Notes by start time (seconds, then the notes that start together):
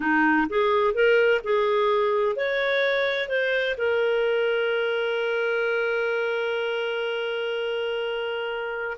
0.00 D#4
0.49 G#4
0.94 A#4
1.43 G#4
2.35 C#5
3.29 C5
3.77 A#4